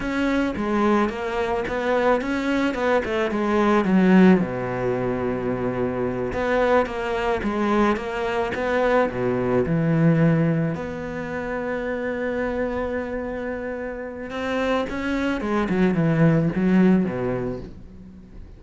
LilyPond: \new Staff \with { instrumentName = "cello" } { \time 4/4 \tempo 4 = 109 cis'4 gis4 ais4 b4 | cis'4 b8 a8 gis4 fis4 | b,2.~ b,8 b8~ | b8 ais4 gis4 ais4 b8~ |
b8 b,4 e2 b8~ | b1~ | b2 c'4 cis'4 | gis8 fis8 e4 fis4 b,4 | }